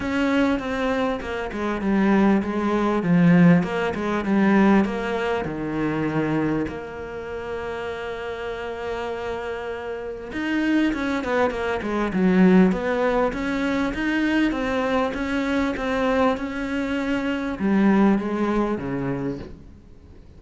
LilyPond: \new Staff \with { instrumentName = "cello" } { \time 4/4 \tempo 4 = 99 cis'4 c'4 ais8 gis8 g4 | gis4 f4 ais8 gis8 g4 | ais4 dis2 ais4~ | ais1~ |
ais4 dis'4 cis'8 b8 ais8 gis8 | fis4 b4 cis'4 dis'4 | c'4 cis'4 c'4 cis'4~ | cis'4 g4 gis4 cis4 | }